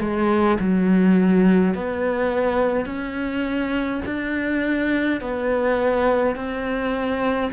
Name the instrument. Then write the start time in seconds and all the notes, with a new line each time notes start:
cello
0.00 G#3
0.59 F#3
1.74 B3
2.85 C#4
4.05 D4
5.20 B3
6.35 C4